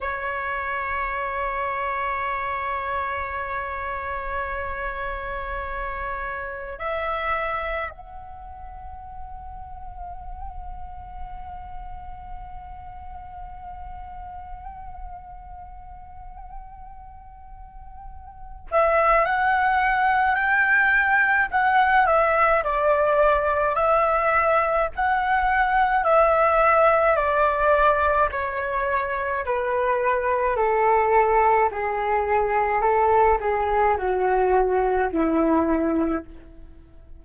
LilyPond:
\new Staff \with { instrumentName = "flute" } { \time 4/4 \tempo 4 = 53 cis''1~ | cis''2 e''4 fis''4~ | fis''1~ | fis''1~ |
fis''8 e''8 fis''4 g''4 fis''8 e''8 | d''4 e''4 fis''4 e''4 | d''4 cis''4 b'4 a'4 | gis'4 a'8 gis'8 fis'4 e'4 | }